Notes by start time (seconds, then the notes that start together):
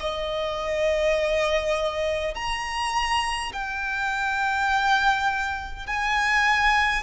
0.00 D#5
2.35 A#5
3.53 G5
5.87 G#5